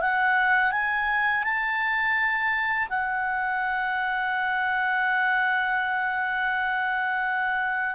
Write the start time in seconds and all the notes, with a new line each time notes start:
0.00 F#5
0.71 G#5
1.43 A5
2.89 F#5